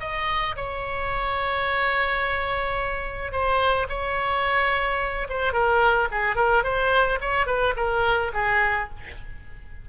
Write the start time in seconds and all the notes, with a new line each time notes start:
0.00 D#5
0.56 C#5
3.32 C5
3.89 C#5
5.29 C5
5.53 A#4
6.11 G#4
6.36 A#4
6.64 C5
7.21 C#5
7.46 B4
7.76 A#4
8.34 G#4